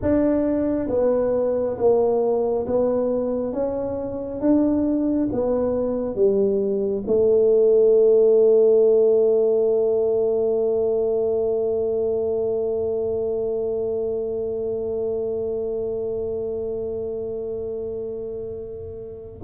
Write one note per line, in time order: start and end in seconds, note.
0.02 0.88 D4
0.88 1.76 B3
1.77 2.66 A#3
2.66 3.53 B3
3.53 4.40 C#4
4.40 5.28 D4
5.32 6.15 B3
6.15 7.03 G3
7.06 19.42 A3